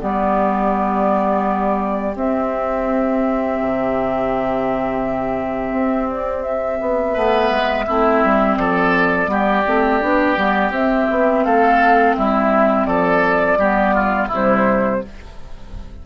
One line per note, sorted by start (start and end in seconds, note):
0.00 2.16 G3
0.00 2.14 B3
0.00 7.14 G4
0.00 2.16 D5
2.16 3.58 C4
2.16 7.15 C4
2.16 6.10 E5
3.61 5.73 C3
5.73 6.80 C4
6.10 6.42 D5
6.42 8.56 E5
6.81 7.16 B3
7.14 7.51 A3
7.14 7.86 B3
7.14 7.85 B4
7.51 7.86 G#3
7.87 8.24 A3
7.87 9.27 C4
7.87 8.59 E4
8.24 8.57 G3
8.56 9.28 F3
8.56 9.31 A4
8.56 10.71 D5
9.27 9.63 G3
9.27 9.63 B3
9.27 11.45 G4
9.66 10.02 A3
9.66 10.01 C4
10.01 10.37 B3
10.01 10.36 D4
10.36 10.70 G3
10.36 10.72 B3
10.70 11.06 C4
10.70 13.60 C4
10.70 11.44 E5
11.10 11.46 B3
11.44 12.17 A3
11.44 12.16 A4
11.44 12.15 F5
12.16 12.87 G3
12.16 12.87 E4
12.16 12.86 E5
12.86 13.57 F3
12.86 13.58 A4
12.86 14.29 D5
13.57 14.29 G3
13.57 14.31 B3
13.57 13.95 G4
13.95 14.28 F4
14.28 15.04 C3
14.28 15.03 G3
14.28 15.00 E4
14.35 15.06 C5